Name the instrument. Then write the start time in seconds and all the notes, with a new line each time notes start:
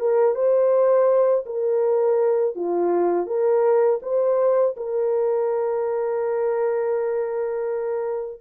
horn
0.00 A#4
0.36 C5
1.46 A#4
2.56 F4
3.27 A#4
4.03 C5
4.77 A#4